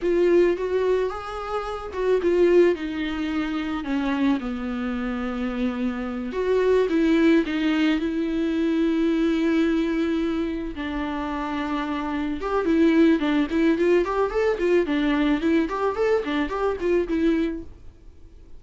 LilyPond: \new Staff \with { instrumentName = "viola" } { \time 4/4 \tempo 4 = 109 f'4 fis'4 gis'4. fis'8 | f'4 dis'2 cis'4 | b2.~ b8 fis'8~ | fis'8 e'4 dis'4 e'4.~ |
e'2.~ e'8 d'8~ | d'2~ d'8 g'8 e'4 | d'8 e'8 f'8 g'8 a'8 f'8 d'4 | e'8 g'8 a'8 d'8 g'8 f'8 e'4 | }